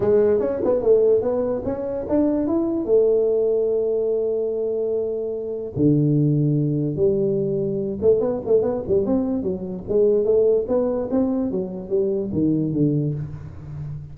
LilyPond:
\new Staff \with { instrumentName = "tuba" } { \time 4/4 \tempo 4 = 146 gis4 cis'8 b8 a4 b4 | cis'4 d'4 e'4 a4~ | a1~ | a2 d2~ |
d4 g2~ g8 a8 | b8 a8 b8 g8 c'4 fis4 | gis4 a4 b4 c'4 | fis4 g4 dis4 d4 | }